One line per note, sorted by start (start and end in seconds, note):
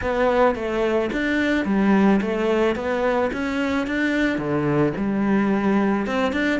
0.02 0.55 B3
0.55 1.10 A3
1.12 1.65 D4
1.65 2.20 G3
2.21 2.75 A3
2.75 3.30 B3
3.32 3.86 C#4
3.86 4.38 D4
4.38 4.93 D3
4.96 6.06 G3
6.06 6.32 C4
6.32 6.59 D4